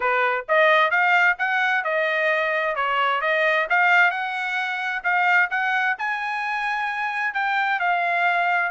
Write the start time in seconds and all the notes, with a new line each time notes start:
0.00 B4
0.48 D#5
0.90 F5
1.38 F#5
1.84 D#5
2.75 C#5
3.21 D#5
3.69 F5
4.11 F#5
5.03 F5
5.50 F#5
5.98 G#5
7.33 G5
7.79 F5